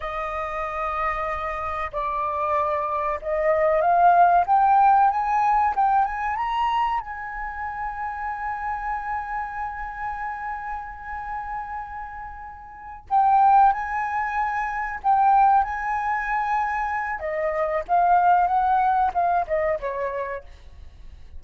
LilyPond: \new Staff \with { instrumentName = "flute" } { \time 4/4 \tempo 4 = 94 dis''2. d''4~ | d''4 dis''4 f''4 g''4 | gis''4 g''8 gis''8 ais''4 gis''4~ | gis''1~ |
gis''1~ | gis''8 g''4 gis''2 g''8~ | g''8 gis''2~ gis''8 dis''4 | f''4 fis''4 f''8 dis''8 cis''4 | }